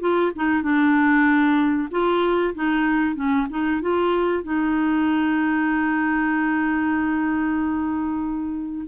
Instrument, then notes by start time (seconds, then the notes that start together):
clarinet
0.00 F4
0.35 D#4
0.62 D4
1.91 F4
2.54 D#4
3.16 C#4
3.50 D#4
3.81 F4
4.43 D#4